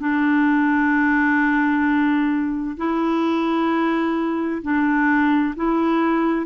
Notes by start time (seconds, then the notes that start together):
0.00 D4
2.77 E4
4.62 D4
5.56 E4